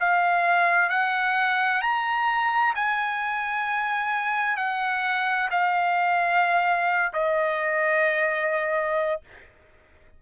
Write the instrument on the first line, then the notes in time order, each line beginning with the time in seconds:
trumpet
0.00 F5
0.90 F#5
1.82 A#5
2.76 G#5
4.57 F#5
5.51 F5
7.14 D#5